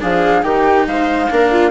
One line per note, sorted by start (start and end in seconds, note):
0.00 0.43 F3
0.00 0.42 D4
0.00 0.44 G#4
0.00 0.42 F5
0.42 0.86 D#3
0.42 1.28 D#4
0.42 0.87 G4
0.42 0.85 G5
0.87 1.30 G#3
0.87 1.31 C5
0.87 1.71 F5
1.30 1.71 A#3
1.30 1.71 D4
1.30 1.51 A#4
1.51 1.71 F4